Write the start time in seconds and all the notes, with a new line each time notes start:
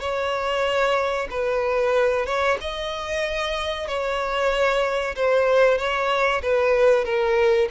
0.00 C#5
1.30 B4
2.26 C#5
2.61 D#5
3.87 C#5
5.16 C5
5.78 C#5
6.42 B4
7.05 A#4